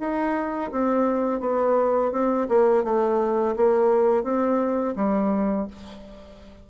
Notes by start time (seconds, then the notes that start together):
0.00 D#4
0.72 C4
1.41 B3
2.12 C4
2.49 A#3
2.84 A3
3.57 A#3
4.24 C4
4.96 G3